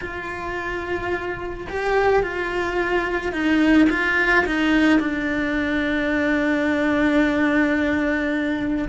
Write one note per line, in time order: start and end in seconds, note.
0.01 1.67 F4
1.69 2.22 G4
2.22 3.32 F4
3.32 3.87 D#4
3.89 4.45 F4
4.46 4.99 D#4
4.99 8.88 D4